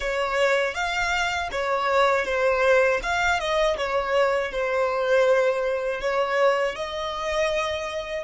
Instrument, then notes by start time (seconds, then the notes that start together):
violin
0.00 C#5
0.74 F5
1.51 C#5
2.25 C5
3.02 F5
3.39 D#5
3.77 C#5
4.51 C5
6.00 C#5
6.75 D#5